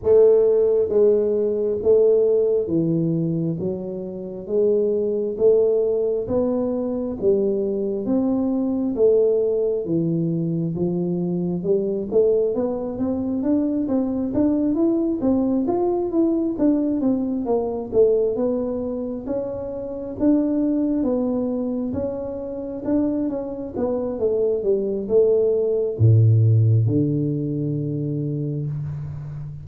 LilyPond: \new Staff \with { instrumentName = "tuba" } { \time 4/4 \tempo 4 = 67 a4 gis4 a4 e4 | fis4 gis4 a4 b4 | g4 c'4 a4 e4 | f4 g8 a8 b8 c'8 d'8 c'8 |
d'8 e'8 c'8 f'8 e'8 d'8 c'8 ais8 | a8 b4 cis'4 d'4 b8~ | b8 cis'4 d'8 cis'8 b8 a8 g8 | a4 a,4 d2 | }